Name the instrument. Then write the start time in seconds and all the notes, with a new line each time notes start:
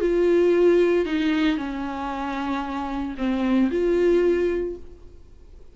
viola
0.00 F4
1.05 D#4
1.57 C#4
3.17 C4
3.70 F4